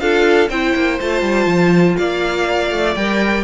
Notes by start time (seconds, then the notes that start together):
0.00 D4 F4 A4 F5
0.49 C4 E4 C5 G5
0.76 A#3
1.01 A3 F4 A5
1.23 G3
1.46 F3
1.97 A#3 D5 F5
2.71 A3
2.96 G3 A#4 G5